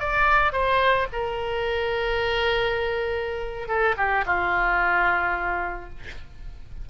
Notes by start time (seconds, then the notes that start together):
0.00 D5
0.53 C5
1.13 A#4
3.68 A4
3.97 G4
4.26 F4